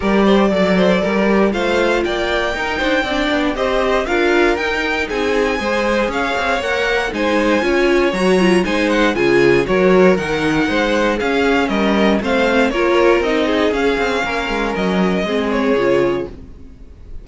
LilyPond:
<<
  \new Staff \with { instrumentName = "violin" } { \time 4/4 \tempo 4 = 118 d''2. f''4 | g''2. dis''4 | f''4 g''4 gis''2 | f''4 fis''4 gis''2 |
ais''4 gis''8 fis''8 gis''4 cis''4 | fis''2 f''4 dis''4 | f''4 cis''4 dis''4 f''4~ | f''4 dis''4. cis''4. | }
  \new Staff \with { instrumentName = "violin" } { \time 4/4 ais'8 c''8 d''8 c''8 ais'4 c''4 | d''4 ais'8 c''8 d''4 c''4 | ais'2 gis'4 c''4 | cis''2 c''4 cis''4~ |
cis''4 c''4 gis'4 ais'4~ | ais'4 c''4 gis'4 ais'4 | c''4 ais'4. gis'4. | ais'2 gis'2 | }
  \new Staff \with { instrumentName = "viola" } { \time 4/4 g'4 a'4. g'8 f'4~ | f'4 dis'4 d'4 g'4 | f'4 dis'2 gis'4~ | gis'4 ais'4 dis'4 f'4 |
fis'8 f'8 dis'4 f'4 fis'4 | dis'2 cis'2 | c'4 f'4 dis'4 cis'4~ | cis'2 c'4 f'4 | }
  \new Staff \with { instrumentName = "cello" } { \time 4/4 g4 fis4 g4 a4 | ais4 dis'8 d'8 c'8 b8 c'4 | d'4 dis'4 c'4 gis4 | cis'8 c'8 ais4 gis4 cis'4 |
fis4 gis4 cis4 fis4 | dis4 gis4 cis'4 g4 | a4 ais4 c'4 cis'8 c'8 | ais8 gis8 fis4 gis4 cis4 | }
>>